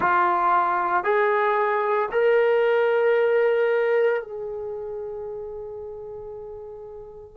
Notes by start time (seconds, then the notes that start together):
0.00 F4
1.04 G#4
2.11 A#4
4.22 G#4